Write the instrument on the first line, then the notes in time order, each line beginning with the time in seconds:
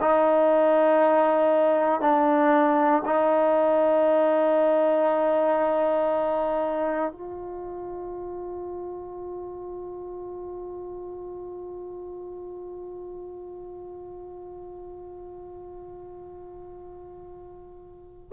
trombone
0.00 D#4
2.01 D4
3.05 D#4
7.12 F4